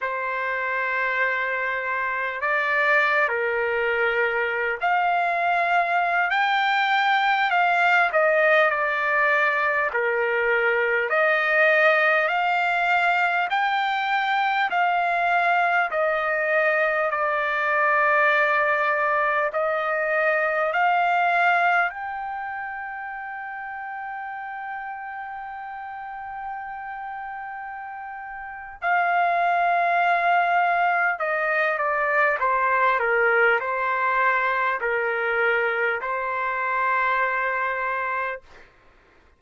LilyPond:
\new Staff \with { instrumentName = "trumpet" } { \time 4/4 \tempo 4 = 50 c''2 d''8. ais'4~ ais'16 | f''4~ f''16 g''4 f''8 dis''8 d''8.~ | d''16 ais'4 dis''4 f''4 g''8.~ | g''16 f''4 dis''4 d''4.~ d''16~ |
d''16 dis''4 f''4 g''4.~ g''16~ | g''1 | f''2 dis''8 d''8 c''8 ais'8 | c''4 ais'4 c''2 | }